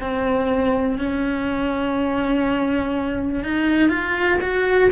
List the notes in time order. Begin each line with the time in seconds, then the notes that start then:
0.00 C4
0.98 C#4
3.44 D#4
3.89 F4
4.41 F#4